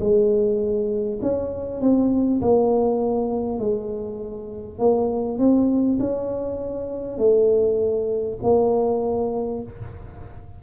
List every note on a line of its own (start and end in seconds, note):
0.00 1.20 G#3
1.22 1.81 C#4
1.81 2.41 C4
2.42 3.59 A#3
3.59 4.79 G#3
4.79 5.38 A#3
5.38 5.98 C4
6.00 7.18 C#4
7.18 8.38 A3
8.43 9.63 A#3